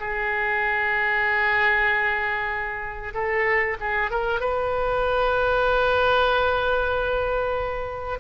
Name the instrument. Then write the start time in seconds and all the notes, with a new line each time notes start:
oboe
0.00 G#4
3.14 A4
3.80 G#4
4.11 A#4
4.41 B4